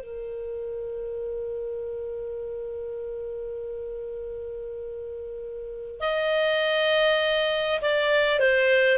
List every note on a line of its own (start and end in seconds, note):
0.00 6.00 A#4
6.00 7.80 D#5
7.82 8.39 D5
8.39 8.98 C5